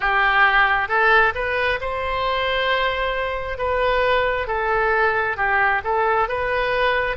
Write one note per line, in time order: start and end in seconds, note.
0.00 0.88 G4
0.88 1.33 A4
1.34 1.79 B4
1.80 3.58 C5
3.58 4.47 B4
4.47 5.36 A4
5.36 5.81 G4
5.84 6.28 A4
6.28 7.16 B4